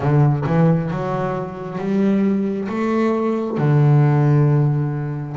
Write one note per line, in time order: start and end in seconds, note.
0.00 0.44 D3
0.46 0.90 E3
0.90 1.78 F#3
1.78 2.68 G3
2.68 3.57 A3
3.57 5.36 D3